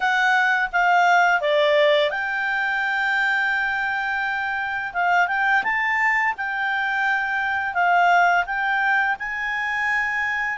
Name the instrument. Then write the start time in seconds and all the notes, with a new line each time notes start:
clarinet
0.00 F#5
0.72 F5
1.40 D5
2.10 G5
4.93 F5
5.27 G5
5.63 A5
6.37 G5
7.74 F5
8.45 G5
9.19 G#5